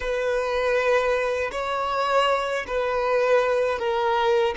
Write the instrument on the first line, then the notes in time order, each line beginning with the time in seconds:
violin
0.00 B4
1.51 C#5
2.67 B4
3.78 A#4